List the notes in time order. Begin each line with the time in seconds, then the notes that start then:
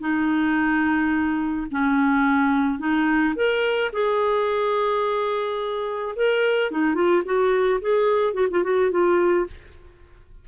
0.00 D#4
1.71 C#4
2.79 D#4
3.35 A#4
3.92 G#4
6.15 A#4
6.71 D#4
6.94 F4
7.25 F#4
7.81 G#4
8.33 F#4
8.50 F4
8.63 F#4
8.91 F4